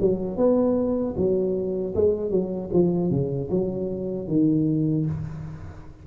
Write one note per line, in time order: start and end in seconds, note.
0.00 0.36 F#3
0.36 1.14 B3
1.17 1.94 F#3
1.95 2.31 G#3
2.31 2.70 F#3
2.73 3.10 F3
3.10 3.49 C#3
3.50 4.28 F#3
4.28 5.05 D#3